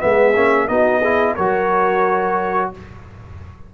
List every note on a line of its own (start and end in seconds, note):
0.00 0.37 G#3
0.00 0.34 B3
0.00 0.70 G#4
0.00 0.68 E5
0.36 0.69 A#3
0.36 0.69 C#4
0.68 1.36 B3
0.68 1.02 D#4
0.68 1.01 F#4
0.68 1.36 D#5
1.01 1.38 E4
1.01 1.35 G#4
1.36 2.73 F#3
1.36 2.74 F#4
1.36 2.71 A#4
1.36 2.71 C#5